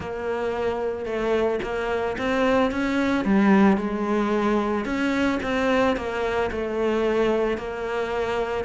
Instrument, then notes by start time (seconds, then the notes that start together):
cello
0.00 A#3
1.05 A3
1.62 A#3
2.18 C4
2.71 C#4
3.24 G3
3.77 G#3
4.85 C#4
5.42 C4
5.96 A#3
6.51 A3
7.57 A#3